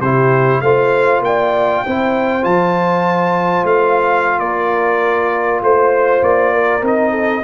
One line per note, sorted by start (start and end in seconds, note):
0.00 0.61 C3
0.00 0.64 E4
0.00 0.61 G4
0.00 0.61 C5
0.61 1.20 A3
0.61 1.86 F4
0.61 1.23 C5
0.61 1.21 F5
1.20 1.81 A#3
1.20 2.44 G5
1.26 1.85 D5
1.85 2.44 C4
1.85 2.42 E4
1.85 4.42 C5
2.42 3.64 F3
2.42 6.81 F4
2.42 3.65 A5
3.64 4.39 A3
3.64 4.39 F5
4.39 5.61 A#3
4.39 5.63 A#4
4.39 5.60 D5
5.61 6.21 A3
5.61 6.53 C5
5.61 6.23 C5
6.22 6.82 A#3
6.22 6.84 D5
6.53 7.11 A#4
6.82 7.42 C4
6.82 7.43 D#4
6.82 7.43 D#5
7.11 7.42 A4